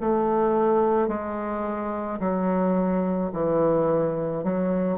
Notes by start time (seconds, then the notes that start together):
0.00 A3
1.08 G#3
2.19 F#3
3.32 E3
4.43 F#3